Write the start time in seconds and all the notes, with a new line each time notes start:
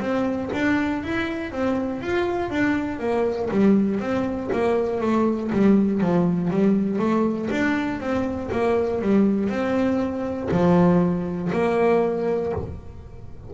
0.00 C4
0.53 D4
1.03 E4
1.52 C4
2.01 F4
2.50 D4
2.99 A#3
3.51 G3
4.00 C4
4.53 A#3
5.01 A3
5.52 G3
6.00 F3
6.50 G3
6.99 A3
7.50 D4
8.00 C4
8.52 A#3
9.02 G3
9.49 C4
10.51 F3
11.52 A#3